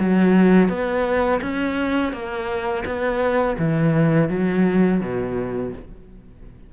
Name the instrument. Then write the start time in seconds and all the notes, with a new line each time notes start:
cello
0.00 F#3
0.69 B3
1.42 C#4
2.13 A#3
2.86 B3
3.59 E3
4.30 F#3
5.01 B2